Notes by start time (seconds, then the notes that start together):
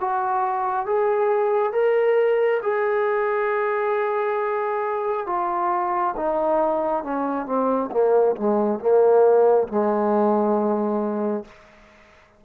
0.00 F#4
0.86 G#4
1.73 A#4
2.63 G#4
5.27 F4
6.17 D#4
7.04 C#4
7.46 C4
7.92 A#3
8.37 G#3
8.80 A#3
9.68 G#3